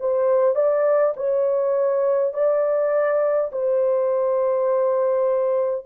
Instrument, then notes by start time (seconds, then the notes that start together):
horn
0.00 C5
0.55 D5
1.16 C#5
2.33 D5
3.51 C5